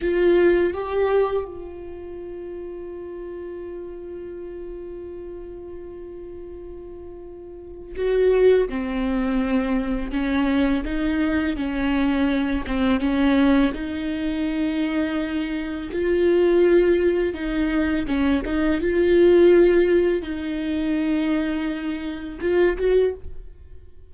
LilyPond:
\new Staff \with { instrumentName = "viola" } { \time 4/4 \tempo 4 = 83 f'4 g'4 f'2~ | f'1~ | f'2. fis'4 | c'2 cis'4 dis'4 |
cis'4. c'8 cis'4 dis'4~ | dis'2 f'2 | dis'4 cis'8 dis'8 f'2 | dis'2. f'8 fis'8 | }